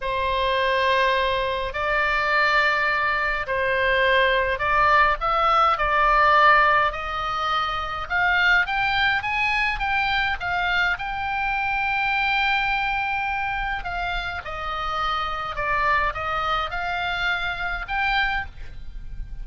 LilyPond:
\new Staff \with { instrumentName = "oboe" } { \time 4/4 \tempo 4 = 104 c''2. d''4~ | d''2 c''2 | d''4 e''4 d''2 | dis''2 f''4 g''4 |
gis''4 g''4 f''4 g''4~ | g''1 | f''4 dis''2 d''4 | dis''4 f''2 g''4 | }